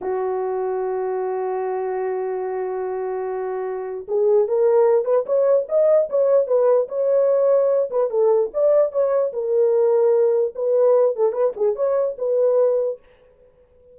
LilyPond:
\new Staff \with { instrumentName = "horn" } { \time 4/4 \tempo 4 = 148 fis'1~ | fis'1~ | fis'2 gis'4 ais'4~ | ais'8 b'8 cis''4 dis''4 cis''4 |
b'4 cis''2~ cis''8 b'8 | a'4 d''4 cis''4 ais'4~ | ais'2 b'4. a'8 | b'8 gis'8 cis''4 b'2 | }